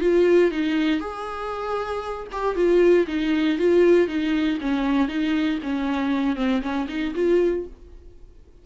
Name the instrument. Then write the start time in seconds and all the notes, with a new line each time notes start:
viola
0.00 F4
0.51 D#4
1.00 G#4
2.32 G4
2.55 F4
3.07 D#4
3.58 F4
4.07 D#4
4.61 C#4
5.08 D#4
5.62 C#4
6.36 C4
6.61 C#4
6.88 D#4
7.15 F4